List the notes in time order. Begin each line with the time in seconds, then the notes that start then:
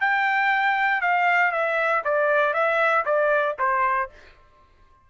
0.00 G5
1.01 F5
1.51 E5
2.04 D5
2.53 E5
3.05 D5
3.58 C5